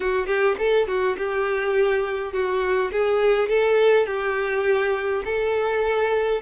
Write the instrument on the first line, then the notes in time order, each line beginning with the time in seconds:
violin
0.00 F#4
0.26 G4
0.58 A4
0.87 F#4
1.17 G4
2.32 F#4
2.92 G#4
3.48 A4
4.06 G4
5.25 A4